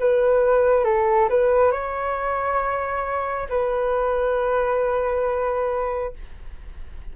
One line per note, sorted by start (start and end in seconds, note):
0.00 0.85 B4
0.85 1.29 A4
1.30 1.72 B4
1.72 3.49 C#5
3.50 6.14 B4